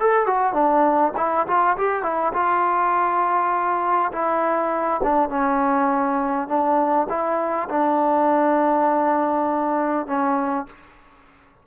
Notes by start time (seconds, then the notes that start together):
0.00 A4
0.26 F#4
0.53 D4
1.17 E4
1.47 F4
1.77 G4
2.03 E4
2.33 F4
4.12 E4
5.03 D4
5.29 C#4
6.48 D4
7.09 E4
7.69 D4
10.07 C#4